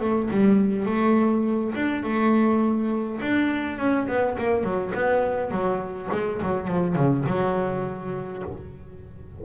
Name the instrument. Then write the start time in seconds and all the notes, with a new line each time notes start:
double bass
0.00 A3
0.30 G3
0.86 A3
1.75 D4
2.03 A3
3.21 D4
3.78 C#4
4.08 B3
4.38 A#3
4.63 F#3
4.94 B3
5.51 F#3
6.12 G#3
6.42 F#3
6.68 F3
6.95 C#3
7.26 F#3